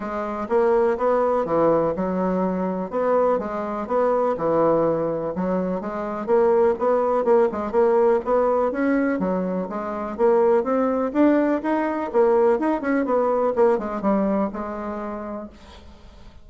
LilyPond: \new Staff \with { instrumentName = "bassoon" } { \time 4/4 \tempo 4 = 124 gis4 ais4 b4 e4 | fis2 b4 gis4 | b4 e2 fis4 | gis4 ais4 b4 ais8 gis8 |
ais4 b4 cis'4 fis4 | gis4 ais4 c'4 d'4 | dis'4 ais4 dis'8 cis'8 b4 | ais8 gis8 g4 gis2 | }